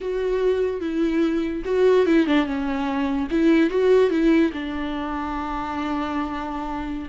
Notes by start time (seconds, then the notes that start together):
0.00 F#4
0.80 E4
1.64 F#4
2.05 E4
2.26 D4
2.45 C#4
3.30 E4
3.70 F#4
4.10 E4
4.53 D4